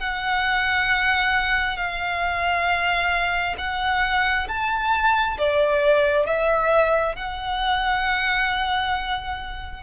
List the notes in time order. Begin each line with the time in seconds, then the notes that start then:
0.00 F#5
1.77 F5
3.59 F#5
4.48 A5
5.38 D5
6.26 E5
7.16 F#5